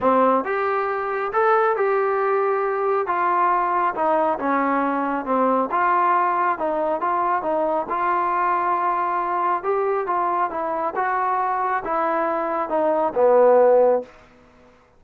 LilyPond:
\new Staff \with { instrumentName = "trombone" } { \time 4/4 \tempo 4 = 137 c'4 g'2 a'4 | g'2. f'4~ | f'4 dis'4 cis'2 | c'4 f'2 dis'4 |
f'4 dis'4 f'2~ | f'2 g'4 f'4 | e'4 fis'2 e'4~ | e'4 dis'4 b2 | }